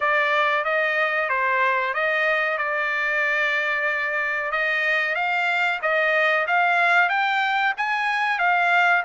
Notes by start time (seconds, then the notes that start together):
0.00 D5
0.64 D#5
1.29 C5
1.94 D#5
2.58 D5
4.51 D#5
5.15 F5
5.82 D#5
6.47 F5
7.09 G5
7.77 G#5
8.39 F5